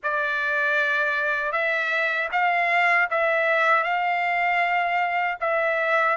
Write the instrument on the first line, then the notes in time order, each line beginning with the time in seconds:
trumpet
0.03 D5
1.51 E5
2.31 F5
3.10 E5
3.83 F5
5.40 E5